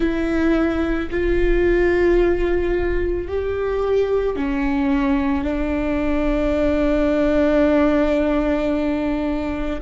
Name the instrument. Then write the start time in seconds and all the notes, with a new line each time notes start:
viola
0.00 E4
1.10 F4
3.28 G4
4.35 C#4
5.43 D4